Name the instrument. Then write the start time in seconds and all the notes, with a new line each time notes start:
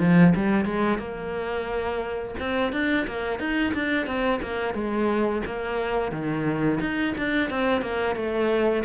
cello
0.00 F3
0.36 G3
0.65 G#3
0.99 A#3
2.40 C4
2.73 D4
3.08 A#3
3.39 D#4
3.74 D4
4.07 C4
4.43 A#3
4.74 G#3
5.46 A#3
6.12 D#3
6.81 D#4
7.18 D4
7.51 C4
7.82 A#3
8.16 A3